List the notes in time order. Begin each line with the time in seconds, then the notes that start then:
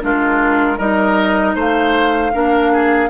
0.00 G#3 D4 F4 A#4
0.78 G3 D#4 A#4 D#5
1.55 A3 C5 F5
2.33 A#3 D4 A#4
2.72 G#4